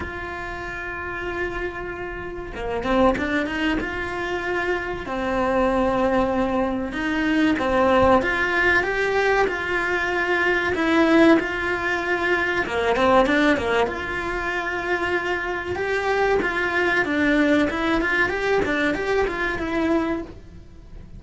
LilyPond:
\new Staff \with { instrumentName = "cello" } { \time 4/4 \tempo 4 = 95 f'1 | ais8 c'8 d'8 dis'8 f'2 | c'2. dis'4 | c'4 f'4 g'4 f'4~ |
f'4 e'4 f'2 | ais8 c'8 d'8 ais8 f'2~ | f'4 g'4 f'4 d'4 | e'8 f'8 g'8 d'8 g'8 f'8 e'4 | }